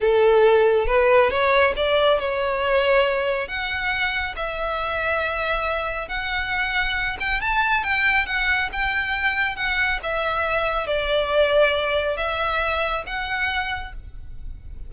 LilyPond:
\new Staff \with { instrumentName = "violin" } { \time 4/4 \tempo 4 = 138 a'2 b'4 cis''4 | d''4 cis''2. | fis''2 e''2~ | e''2 fis''2~ |
fis''8 g''8 a''4 g''4 fis''4 | g''2 fis''4 e''4~ | e''4 d''2. | e''2 fis''2 | }